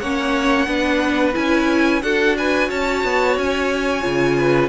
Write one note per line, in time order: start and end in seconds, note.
0.00 0.67 A#3
0.00 0.67 C#4
0.00 0.68 C#5
0.00 1.35 F#5
0.67 1.35 B3
0.67 1.33 D4
0.67 2.03 B4
1.33 2.02 C#4
1.33 2.01 E4
1.33 2.03 G#5
2.02 2.70 D4
2.02 4.02 F#4
2.02 2.37 A4
2.02 2.36 F#5
2.38 2.69 B4
2.38 2.71 G#5
2.69 3.04 C#4
2.69 4.37 C#5
2.69 3.38 A5
3.04 3.37 B3
3.37 4.04 C#4
3.37 4.69 G#5
4.02 4.69 C#3
4.02 4.69 F4
4.38 4.69 B4